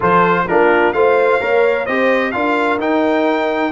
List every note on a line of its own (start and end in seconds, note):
0.00 0.48 F3
0.00 0.45 F4
0.00 0.43 A4
0.00 0.48 C5
0.48 0.93 A#3
0.48 0.94 D4
0.48 0.95 F4
0.48 0.93 A#4
0.93 1.39 A3
0.93 1.40 F4
0.93 1.41 C5
0.93 1.85 F5
1.40 1.87 A#3
1.40 1.86 A#4
1.40 1.85 C#5
1.85 2.34 C4
1.85 2.33 G4
1.85 2.32 C5
1.85 2.31 D#5
2.31 2.78 D4
2.31 2.79 F4
2.31 3.72 A#4
2.31 2.78 F5
2.78 3.71 D#4
2.78 3.72 D#4
2.78 3.72 G5